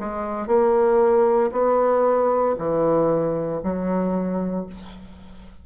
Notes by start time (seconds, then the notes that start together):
0.00 G#3
0.47 A#3
1.52 B3
2.59 E3
3.63 F#3